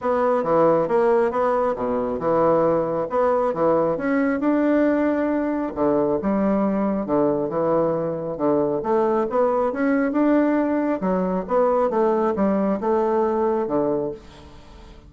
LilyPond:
\new Staff \with { instrumentName = "bassoon" } { \time 4/4 \tempo 4 = 136 b4 e4 ais4 b4 | b,4 e2 b4 | e4 cis'4 d'2~ | d'4 d4 g2 |
d4 e2 d4 | a4 b4 cis'4 d'4~ | d'4 fis4 b4 a4 | g4 a2 d4 | }